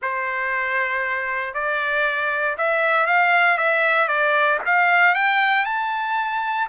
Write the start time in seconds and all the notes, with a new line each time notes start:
0.02 C5
1.54 D5
2.57 E5
3.06 F5
3.57 E5
4.08 D5
4.65 F5
5.14 G5
5.65 A5